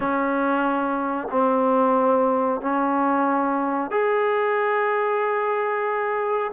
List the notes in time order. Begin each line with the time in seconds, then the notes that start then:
0.00 C#4
1.30 C4
2.61 C#4
3.90 G#4